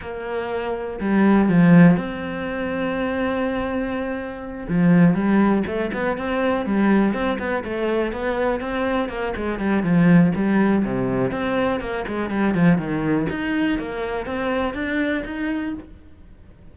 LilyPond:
\new Staff \with { instrumentName = "cello" } { \time 4/4 \tempo 4 = 122 ais2 g4 f4 | c'1~ | c'4. f4 g4 a8 | b8 c'4 g4 c'8 b8 a8~ |
a8 b4 c'4 ais8 gis8 g8 | f4 g4 c4 c'4 | ais8 gis8 g8 f8 dis4 dis'4 | ais4 c'4 d'4 dis'4 | }